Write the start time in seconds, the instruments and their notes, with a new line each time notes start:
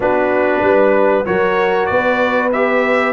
0.00 tuba B3, trombone D4, horn F#4, trumpet B4
0.61 tuba G3, horn B4
1.25 tuba F#3, trombone F#4, horn A#4, trumpet C#5
1.86 tuba B3, horn B4, trumpet D5
2.52 trombone G4, trumpet E5